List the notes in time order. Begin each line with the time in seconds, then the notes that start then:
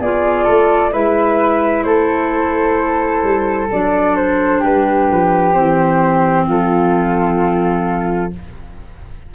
0.00 B3 F4 G#4 D5
0.44 A3 A4
0.93 G#3 E4 B4 E5
1.84 A3 A4 C5
3.24 G3
3.72 F#3 D4 D5
4.17 C5
4.60 G3 G4 B4
5.12 F3
5.53 E3 C4 C5
6.48 F3 F4 A4